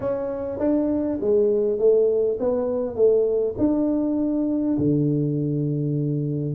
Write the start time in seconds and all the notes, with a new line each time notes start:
0.00 C#4
0.59 D4
1.20 G#3
1.78 A3
2.39 B3
2.95 A3
3.58 D4
4.78 D3